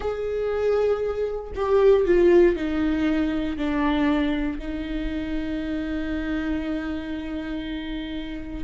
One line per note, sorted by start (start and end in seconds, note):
0.00 1.51 G#4
1.55 2.05 G4
2.05 2.56 F4
2.56 3.57 D#4
3.57 4.59 D4
4.59 8.64 D#4